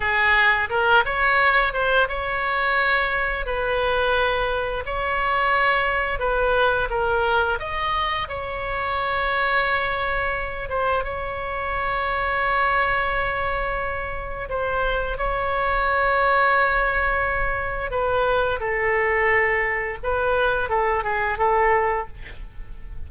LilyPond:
\new Staff \with { instrumentName = "oboe" } { \time 4/4 \tempo 4 = 87 gis'4 ais'8 cis''4 c''8 cis''4~ | cis''4 b'2 cis''4~ | cis''4 b'4 ais'4 dis''4 | cis''2.~ cis''8 c''8 |
cis''1~ | cis''4 c''4 cis''2~ | cis''2 b'4 a'4~ | a'4 b'4 a'8 gis'8 a'4 | }